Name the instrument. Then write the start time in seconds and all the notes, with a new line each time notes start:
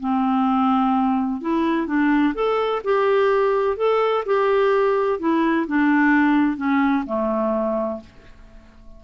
clarinet
0.00 C4
1.41 E4
1.87 D4
2.35 A4
2.84 G4
3.77 A4
4.25 G4
5.19 E4
5.67 D4
6.57 C#4
7.06 A3